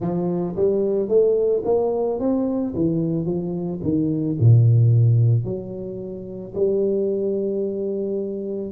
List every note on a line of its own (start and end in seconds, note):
0.00 0.55 F3
0.56 1.08 G3
1.08 1.63 A3
1.65 2.19 A#3
2.19 2.74 C4
2.75 3.25 E3
3.25 3.80 F3
3.82 4.37 D#3
4.39 5.44 A#2
5.44 6.53 F#3
6.55 8.71 G3